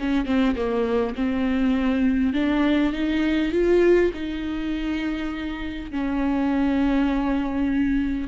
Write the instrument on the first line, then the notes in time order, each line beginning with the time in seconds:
viola
0.00 C#4
0.26 C4
0.56 A#3
1.15 C4
2.34 D4
2.93 D#4
3.53 F4
4.14 D#4
5.92 C#4